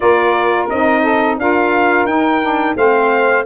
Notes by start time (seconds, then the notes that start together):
0.00 A#3 F4 A#4 D5
0.69 C4 D#4 D#5
1.02 A4
1.37 D4 F4 A#4 F5
2.05 D#4 G5
2.41 D4
2.75 A3 C4 C5 F5